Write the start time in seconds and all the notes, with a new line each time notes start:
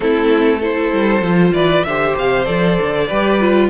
0.00 A3 C4 E4 A4
0.59 E4 A4 C5
0.92 G3
1.21 F3 F4
1.53 E3 B4 D5
1.83 D3 G4 C5 E5
2.17 C3 F5
2.45 F3 A4 D5
2.80 D3
3.07 G3 G4 B4
3.40 F4